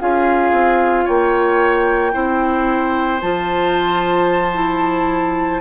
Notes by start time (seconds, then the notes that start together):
0.00 C#4 F4 G#4 F5
0.52 C4
1.05 A#3 C#5 G5
2.12 C4 E4 C5
3.21 F3 F4 A5
4.54 E4